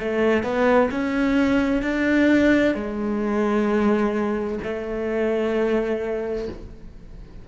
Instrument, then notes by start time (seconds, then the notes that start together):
cello
0.00 A3
0.44 B3
0.91 C#4
1.83 D4
2.75 G#3
4.64 A3